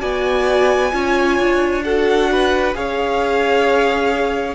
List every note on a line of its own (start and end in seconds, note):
0.00 0.93 B3
0.00 0.91 F#4
0.00 0.91 D5
0.00 1.82 G#5
0.91 1.38 C#4
0.91 1.82 F4
0.91 1.84 C#5
1.38 2.75 D4
1.83 2.74 F#4
1.83 2.30 A4
1.83 2.74 F#5
2.31 2.77 B4
2.74 4.55 C#4
2.74 4.55 G#4
2.74 4.55 C#5
2.74 4.55 F5